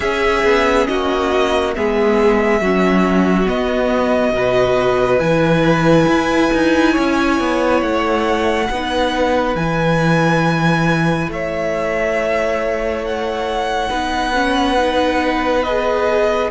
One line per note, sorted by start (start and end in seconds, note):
0.00 0.43 C#4
0.00 1.75 C#4
0.00 0.87 G#4
0.00 0.87 E5
0.43 0.87 B3
0.87 1.76 A#3
0.87 1.75 F#4
0.87 1.74 D#5
1.74 2.61 G#3
1.74 2.62 B3
1.74 2.61 G#4
1.74 3.48 E5
2.61 3.47 F#3
2.61 3.45 C#4
2.61 4.35 F#4
3.45 4.32 B3
3.45 5.19 D#5
4.32 5.19 B2
4.32 5.19 F#4
4.32 6.92 B4
5.19 6.06 E3
5.19 8.67 E4
5.19 7.80 G#5
6.07 6.51 E4
6.53 6.97 D#4
6.92 7.39 C#4
6.92 8.66 C#5
7.39 7.82 B3
7.82 8.68 A3
7.82 9.55 F#5
8.70 9.55 B3
8.70 9.58 D#4
8.70 11.32 B4
9.55 11.28 E3
9.55 13.89 E4
9.55 11.29 G#5
11.28 13.89 A3
11.28 13.89 C#5
11.28 13.05 E5
13.05 15.63 F#5
13.89 16.50 B3
13.89 14.32 D#4
13.89 16.50 B4
14.34 14.77 C#4
14.77 15.64 D#4
15.63 16.50 G#4
15.63 16.50 D#5